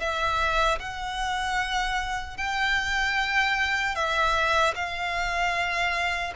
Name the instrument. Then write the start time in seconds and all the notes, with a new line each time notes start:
violin
0.00 E5
0.79 F#5
2.37 G5
3.95 E5
4.75 F5